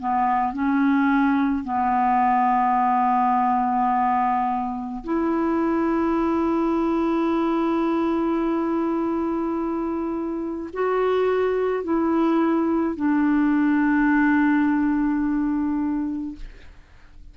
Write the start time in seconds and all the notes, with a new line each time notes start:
0.00 B3
0.54 C#4
1.65 B3
5.04 E4
10.73 F#4
11.84 E4
12.96 D4